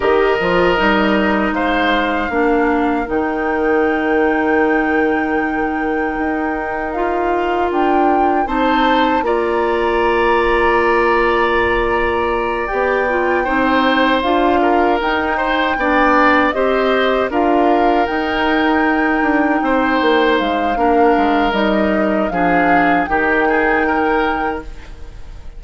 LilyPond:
<<
  \new Staff \with { instrumentName = "flute" } { \time 4/4 \tempo 4 = 78 dis''2 f''2 | g''1~ | g''4 f''4 g''4 a''4 | ais''1~ |
ais''8 g''2 f''4 g''8~ | g''4. dis''4 f''4 g''8~ | g''2~ g''8 f''4. | dis''4 f''4 g''2 | }
  \new Staff \with { instrumentName = "oboe" } { \time 4/4 ais'2 c''4 ais'4~ | ais'1~ | ais'2. c''4 | d''1~ |
d''4. c''4. ais'4 | c''8 d''4 c''4 ais'4.~ | ais'4. c''4. ais'4~ | ais'4 gis'4 g'8 gis'8 ais'4 | }
  \new Staff \with { instrumentName = "clarinet" } { \time 4/4 g'8 f'8 dis'2 d'4 | dis'1~ | dis'4 f'2 dis'4 | f'1~ |
f'8 g'8 f'8 dis'4 f'4 dis'8~ | dis'8 d'4 g'4 f'4 dis'8~ | dis'2. d'4 | dis'4 d'4 dis'2 | }
  \new Staff \with { instrumentName = "bassoon" } { \time 4/4 dis8 f8 g4 gis4 ais4 | dis1 | dis'2 d'4 c'4 | ais1~ |
ais8 b4 c'4 d'4 dis'8~ | dis'8 b4 c'4 d'4 dis'8~ | dis'4 d'8 c'8 ais8 gis8 ais8 gis8 | g4 f4 dis2 | }
>>